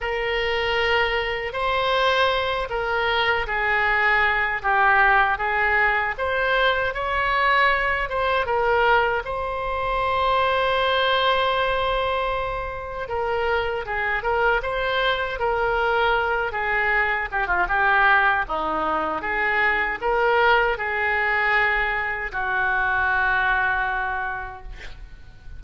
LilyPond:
\new Staff \with { instrumentName = "oboe" } { \time 4/4 \tempo 4 = 78 ais'2 c''4. ais'8~ | ais'8 gis'4. g'4 gis'4 | c''4 cis''4. c''8 ais'4 | c''1~ |
c''4 ais'4 gis'8 ais'8 c''4 | ais'4. gis'4 g'16 f'16 g'4 | dis'4 gis'4 ais'4 gis'4~ | gis'4 fis'2. | }